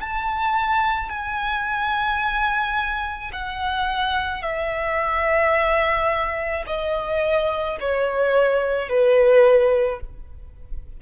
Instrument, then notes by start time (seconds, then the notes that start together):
violin
0.00 A5
1.09 G#5
3.32 F#5
4.42 E5
6.67 D#5
7.80 C#5
8.89 B4